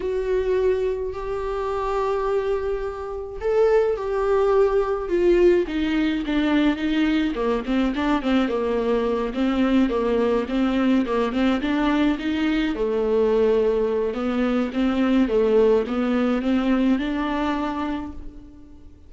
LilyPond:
\new Staff \with { instrumentName = "viola" } { \time 4/4 \tempo 4 = 106 fis'2 g'2~ | g'2 a'4 g'4~ | g'4 f'4 dis'4 d'4 | dis'4 ais8 c'8 d'8 c'8 ais4~ |
ais8 c'4 ais4 c'4 ais8 | c'8 d'4 dis'4 a4.~ | a4 b4 c'4 a4 | b4 c'4 d'2 | }